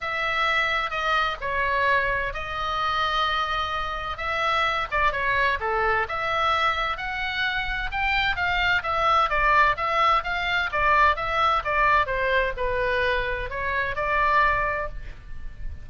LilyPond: \new Staff \with { instrumentName = "oboe" } { \time 4/4 \tempo 4 = 129 e''2 dis''4 cis''4~ | cis''4 dis''2.~ | dis''4 e''4. d''8 cis''4 | a'4 e''2 fis''4~ |
fis''4 g''4 f''4 e''4 | d''4 e''4 f''4 d''4 | e''4 d''4 c''4 b'4~ | b'4 cis''4 d''2 | }